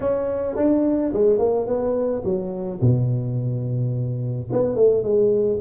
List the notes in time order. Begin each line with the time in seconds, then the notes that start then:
0.00 C#4
0.56 D4
1.13 G#3
1.38 A#3
1.66 B3
2.24 F#3
2.81 B2
4.51 B3
4.75 A3
5.03 G#3